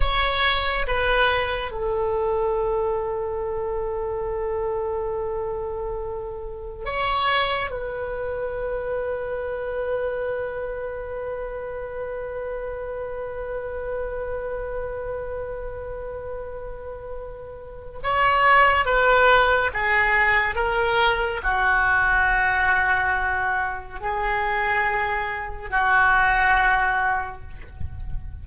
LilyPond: \new Staff \with { instrumentName = "oboe" } { \time 4/4 \tempo 4 = 70 cis''4 b'4 a'2~ | a'1 | cis''4 b'2.~ | b'1~ |
b'1~ | b'4 cis''4 b'4 gis'4 | ais'4 fis'2. | gis'2 fis'2 | }